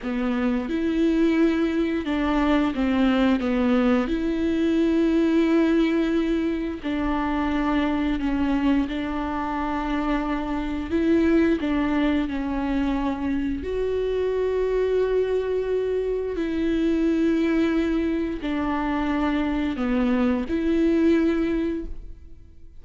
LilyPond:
\new Staff \with { instrumentName = "viola" } { \time 4/4 \tempo 4 = 88 b4 e'2 d'4 | c'4 b4 e'2~ | e'2 d'2 | cis'4 d'2. |
e'4 d'4 cis'2 | fis'1 | e'2. d'4~ | d'4 b4 e'2 | }